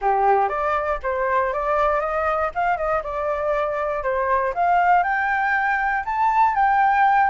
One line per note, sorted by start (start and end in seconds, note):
0.01 0.48 G4
0.48 0.99 D5
1.02 1.53 C5
1.53 2.00 D5
2.00 2.50 D#5
2.55 2.77 F5
2.77 3.02 D#5
3.03 4.03 D5
4.03 4.53 C5
4.54 5.03 F5
5.03 6.04 G5
6.05 6.55 A5
6.55 7.30 G5